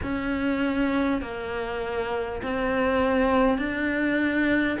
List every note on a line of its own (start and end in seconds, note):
0.02 1.21 C#4
1.21 2.41 A#3
2.43 3.58 C4
3.58 4.78 D4